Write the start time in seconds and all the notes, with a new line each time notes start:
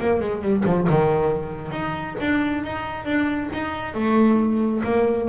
0.00 A#3
0.20 G#3
0.42 G3
0.65 F3
0.89 D#3
1.71 D#4
2.20 D4
2.64 D#4
3.05 D4
3.53 D#4
3.94 A3
4.84 A#3